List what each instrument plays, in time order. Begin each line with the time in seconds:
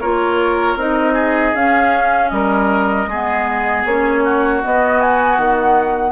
0.00 bassoon A#3, clarinet F4, oboe A#4, flute C#5
0.76 bassoon C4, clarinet D#4, flute D#5
1.13 oboe G#4
1.54 bassoon C#4, clarinet C#4, flute F5
2.29 bassoon G3, oboe A#4, flute D#5
3.07 bassoon G#3, clarinet B3, oboe G#4
3.85 bassoon A#3, clarinet C#4, flute C#5
4.24 oboe F#4
4.63 clarinet B3, bassoon B3, flute D#5
5.01 flute G#5
5.38 bassoon D#3, flute F#5